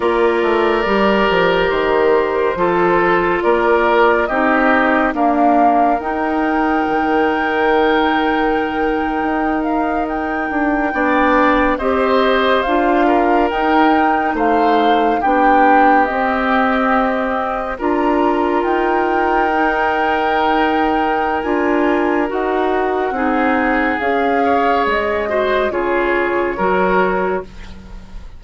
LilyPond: <<
  \new Staff \with { instrumentName = "flute" } { \time 4/4 \tempo 4 = 70 d''2 c''2 | d''4 dis''4 f''4 g''4~ | g''2.~ g''16 f''8 g''16~ | g''4.~ g''16 dis''4 f''4 g''16~ |
g''8. f''4 g''4 dis''4~ dis''16~ | dis''8. ais''4 g''2~ g''16~ | g''4 gis''4 fis''2 | f''4 dis''4 cis''2 | }
  \new Staff \with { instrumentName = "oboe" } { \time 4/4 ais'2. a'4 | ais'4 g'4 ais'2~ | ais'1~ | ais'8. d''4 c''4. ais'8.~ |
ais'8. c''4 g'2~ g'16~ | g'8. ais'2.~ ais'16~ | ais'2. gis'4~ | gis'8 cis''4 c''8 gis'4 ais'4 | }
  \new Staff \with { instrumentName = "clarinet" } { \time 4/4 f'4 g'2 f'4~ | f'4 dis'4 ais4 dis'4~ | dis'1~ | dis'8. d'4 g'4 f'4 dis'16~ |
dis'4.~ dis'16 d'4 c'4~ c'16~ | c'8. f'2 dis'4~ dis'16~ | dis'4 f'4 fis'4 dis'4 | gis'4. fis'8 f'4 fis'4 | }
  \new Staff \with { instrumentName = "bassoon" } { \time 4/4 ais8 a8 g8 f8 dis4 f4 | ais4 c'4 d'4 dis'4 | dis2~ dis8. dis'4~ dis'16~ | dis'16 d'8 b4 c'4 d'4 dis'16~ |
dis'8. a4 b4 c'4~ c'16~ | c'8. d'4 dis'2~ dis'16~ | dis'4 d'4 dis'4 c'4 | cis'4 gis4 cis4 fis4 | }
>>